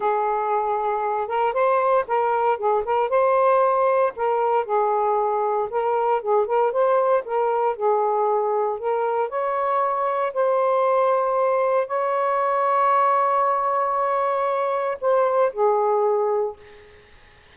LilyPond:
\new Staff \with { instrumentName = "saxophone" } { \time 4/4 \tempo 4 = 116 gis'2~ gis'8 ais'8 c''4 | ais'4 gis'8 ais'8 c''2 | ais'4 gis'2 ais'4 | gis'8 ais'8 c''4 ais'4 gis'4~ |
gis'4 ais'4 cis''2 | c''2. cis''4~ | cis''1~ | cis''4 c''4 gis'2 | }